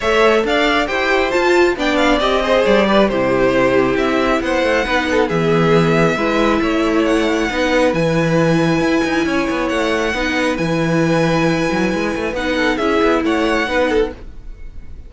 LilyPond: <<
  \new Staff \with { instrumentName = "violin" } { \time 4/4 \tempo 4 = 136 e''4 f''4 g''4 a''4 | g''8 f''8 dis''4 d''4 c''4~ | c''4 e''4 fis''2 | e''1 |
fis''2 gis''2~ | gis''2 fis''2 | gis''1 | fis''4 e''4 fis''2 | }
  \new Staff \with { instrumentName = "violin" } { \time 4/4 cis''4 d''4 c''2 | d''4. c''4 b'8 g'4~ | g'2 c''4 b'8 a'8 | gis'2 b'4 cis''4~ |
cis''4 b'2.~ | b'4 cis''2 b'4~ | b'1~ | b'8 a'8 gis'4 cis''4 b'8 a'8 | }
  \new Staff \with { instrumentName = "viola" } { \time 4/4 a'2 g'4 f'4 | d'4 g'8 gis'4 g'8 e'4~ | e'2. dis'4 | b2 e'2~ |
e'4 dis'4 e'2~ | e'2. dis'4 | e'1 | dis'4 e'2 dis'4 | }
  \new Staff \with { instrumentName = "cello" } { \time 4/4 a4 d'4 e'4 f'4 | b4 c'4 g4 c4~ | c4 c'4 b8 a8 b4 | e2 gis4 a4~ |
a4 b4 e2 | e'8 dis'8 cis'8 b8 a4 b4 | e2~ e8 fis8 gis8 a8 | b4 cis'8 b8 a4 b4 | }
>>